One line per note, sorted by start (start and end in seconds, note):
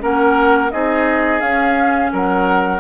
0.00 0.73 A#3
0.00 0.70 C#4
0.00 0.72 A#4
0.00 0.71 F#5
0.71 1.41 C4
0.71 1.41 D#4
0.71 2.12 G#4
0.71 1.41 D#5
1.41 2.80 C#4
1.41 2.11 C#4
1.41 2.11 F5
2.12 2.81 F#3
2.12 2.81 A#4
2.12 2.81 F#5